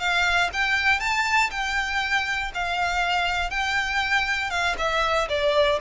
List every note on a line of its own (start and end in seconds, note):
0.00 0.50 F5
0.54 1.00 G5
1.00 1.50 A5
1.51 2.52 G5
2.55 3.50 F5
3.50 4.51 G5
4.51 4.76 F5
4.78 5.29 E5
5.29 5.80 D5